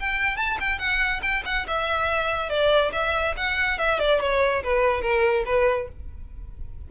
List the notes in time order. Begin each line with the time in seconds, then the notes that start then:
0.00 G5
0.36 A5
0.60 G5
0.79 F#5
1.22 G5
1.45 F#5
1.67 E5
2.49 D5
2.93 E5
3.37 F#5
3.78 E5
3.99 D5
4.20 C#5
4.63 B4
5.02 A#4
5.45 B4